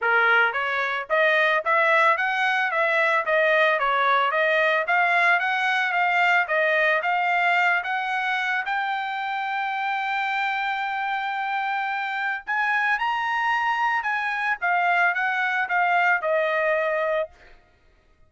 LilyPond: \new Staff \with { instrumentName = "trumpet" } { \time 4/4 \tempo 4 = 111 ais'4 cis''4 dis''4 e''4 | fis''4 e''4 dis''4 cis''4 | dis''4 f''4 fis''4 f''4 | dis''4 f''4. fis''4. |
g''1~ | g''2. gis''4 | ais''2 gis''4 f''4 | fis''4 f''4 dis''2 | }